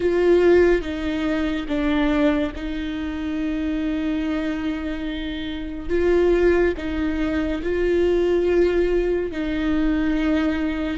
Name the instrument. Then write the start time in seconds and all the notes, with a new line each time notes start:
viola
0.00 F4
0.81 D#4
1.67 D4
2.55 D#4
5.89 F4
6.77 D#4
7.62 F4
9.31 D#4